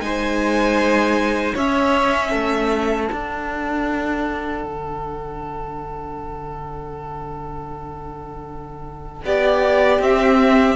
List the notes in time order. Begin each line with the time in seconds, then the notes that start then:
0.00 G#3 D#4 C5 G#5
1.54 C#4 C#5 E5
2.30 A3 A4
3.08 D4 F#5
4.63 D3
9.25 B3 G4 D5
9.99 C4 E5